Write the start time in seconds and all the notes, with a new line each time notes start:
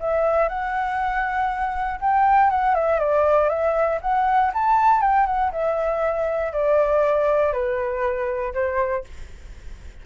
0.00 E5
0.49 F#5
2.00 G5
2.50 F#5
2.75 E5
3.00 D5
3.49 E5
4.02 F#5
4.54 A5
5.01 G5
5.27 F#5
5.52 E5
6.53 D5
7.53 B4
8.54 C5